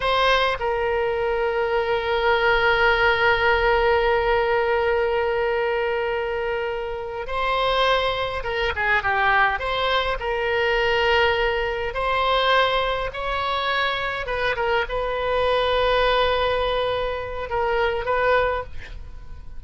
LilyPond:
\new Staff \with { instrumentName = "oboe" } { \time 4/4 \tempo 4 = 103 c''4 ais'2.~ | ais'1~ | ais'1~ | ais'8 c''2 ais'8 gis'8 g'8~ |
g'8 c''4 ais'2~ ais'8~ | ais'8 c''2 cis''4.~ | cis''8 b'8 ais'8 b'2~ b'8~ | b'2 ais'4 b'4 | }